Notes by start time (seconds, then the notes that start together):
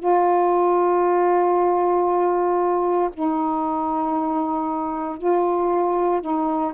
0.00 F4
3.14 D#4
5.19 F4
6.22 D#4